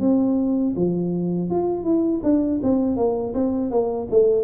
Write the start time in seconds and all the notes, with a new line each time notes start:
0.00 C4
0.76 F3
1.50 F4
1.84 E4
2.23 D4
2.63 C4
2.97 A#3
3.34 C4
3.71 A#3
4.10 A3